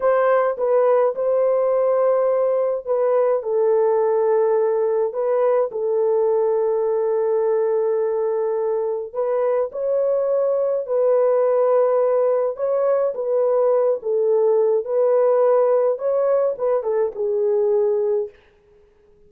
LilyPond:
\new Staff \with { instrumentName = "horn" } { \time 4/4 \tempo 4 = 105 c''4 b'4 c''2~ | c''4 b'4 a'2~ | a'4 b'4 a'2~ | a'1 |
b'4 cis''2 b'4~ | b'2 cis''4 b'4~ | b'8 a'4. b'2 | cis''4 b'8 a'8 gis'2 | }